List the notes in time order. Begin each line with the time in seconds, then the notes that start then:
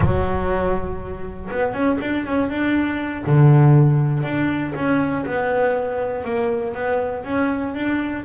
0.00 F#3
1.50 B3
1.73 C#4
2.00 D4
2.25 C#4
2.49 D4
3.26 D3
4.23 D4
4.75 C#4
5.25 B3
6.24 A#3
6.74 B3
7.24 C#4
7.74 D4